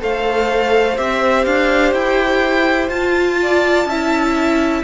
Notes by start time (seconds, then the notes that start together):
0.00 A3 A4 C5 F5
0.98 C4 G4 E5
1.45 D4 F5
1.93 E4 G5
2.89 F4 A5
3.43 D5
3.86 C#4 E4 E5